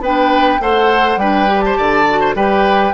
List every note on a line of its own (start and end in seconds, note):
0.00 0.58 B3
0.00 0.60 D4
0.00 0.61 B4
0.00 0.62 G5
0.60 1.16 A3
0.60 1.18 A4
0.60 1.20 C5
0.60 1.18 F#5
1.16 1.75 G3
1.16 1.47 D4
1.16 1.64 B4
1.16 1.61 G5
1.47 2.05 G4
1.61 1.77 C5
1.61 2.33 A5
1.77 2.34 D3
1.77 2.20 D5
2.09 2.35 F#4
2.20 2.35 C5
2.34 2.93 G3
2.34 2.93 G4
2.34 2.93 B4
2.34 2.93 G5